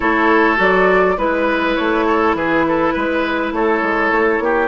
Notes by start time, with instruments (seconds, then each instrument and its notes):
0.00 bassoon A3, clarinet E4, oboe A4, flute C#5
0.56 bassoon F#3, clarinet F#4, flute D5
1.17 bassoon G#3, clarinet E4, flute B4, oboe B4
1.76 bassoon A3, flute C#5
2.06 oboe A4
2.34 bassoon E3, oboe G#4, flute B4
2.68 oboe A4
2.93 bassoon G#3, oboe B4
3.52 bassoon A3, oboe A4, flute C#5
3.82 bassoon G#3
4.11 bassoon A3
4.39 bassoon A#3, oboe G4